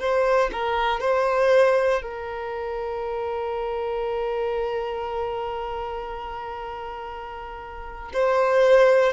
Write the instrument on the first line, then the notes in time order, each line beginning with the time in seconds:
violin
0.00 C5
0.53 A#4
1.00 C5
2.02 A#4
8.14 C5